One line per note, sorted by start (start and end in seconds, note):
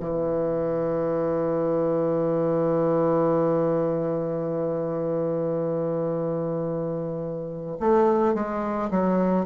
0.00 7.78 E3
7.80 8.34 A3
8.34 8.90 G#3
8.91 9.46 F#3